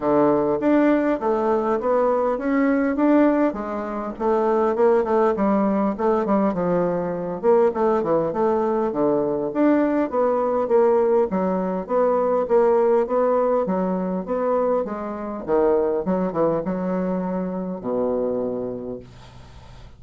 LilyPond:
\new Staff \with { instrumentName = "bassoon" } { \time 4/4 \tempo 4 = 101 d4 d'4 a4 b4 | cis'4 d'4 gis4 a4 | ais8 a8 g4 a8 g8 f4~ | f8 ais8 a8 e8 a4 d4 |
d'4 b4 ais4 fis4 | b4 ais4 b4 fis4 | b4 gis4 dis4 fis8 e8 | fis2 b,2 | }